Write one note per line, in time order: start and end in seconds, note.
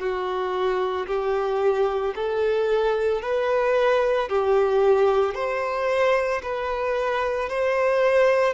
0.00 1.07 F#4
1.07 2.14 G4
2.16 3.22 A4
3.22 4.29 B4
4.29 5.35 G4
5.35 6.42 C5
6.43 7.50 B4
7.50 8.54 C5